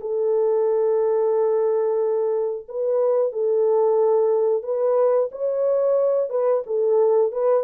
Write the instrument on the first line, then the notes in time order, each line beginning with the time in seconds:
horn
0.00 A4
2.68 B4
3.32 A4
4.63 B4
5.32 C#5
6.30 B4
6.66 A4
7.32 B4